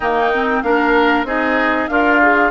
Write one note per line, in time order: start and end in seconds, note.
0.00 0.61 D#3
0.00 0.33 A#3
0.00 0.62 D#4
0.00 0.62 G5
0.34 0.64 C4
0.62 1.24 A#3
0.62 1.26 D4
0.62 1.27 A#4
0.62 1.25 F5
1.24 1.87 C4
1.24 1.89 D#4
1.24 1.90 G#4
1.24 1.87 D#5
1.87 2.51 D4
1.87 2.51 F4
1.87 2.21 A#4
1.87 2.50 F5
2.21 2.51 G#4